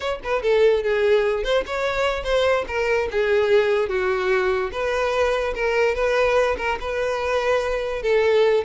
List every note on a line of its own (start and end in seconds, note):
0.00 0.19 C#5
0.23 0.42 B4
0.42 0.83 A4
0.83 1.43 G#4
1.43 1.64 C5
1.66 2.23 C#5
2.23 2.65 C5
2.67 3.08 A#4
3.11 3.88 G#4
3.88 4.71 F#4
4.72 5.54 B4
5.54 5.95 A#4
5.95 6.56 B4
6.57 6.78 A#4
6.80 8.02 B4
8.02 8.64 A4